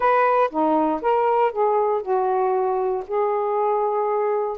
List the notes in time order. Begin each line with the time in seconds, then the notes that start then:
0.00 B4
0.50 D#4
1.01 A#4
1.52 G#4
2.02 F#4
3.07 G#4